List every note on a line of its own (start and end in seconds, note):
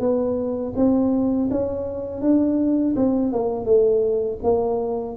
0.00 0.73 B3
0.76 1.49 C4
1.51 2.22 C#4
2.22 2.95 D4
2.96 3.33 C4
3.33 3.65 A#3
3.65 4.38 A3
4.43 5.17 A#3